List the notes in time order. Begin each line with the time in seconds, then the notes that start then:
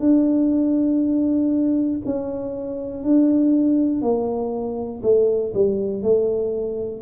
0.00 D4
2.05 C#4
3.04 D4
4.02 A#3
5.03 A3
5.54 G3
6.03 A3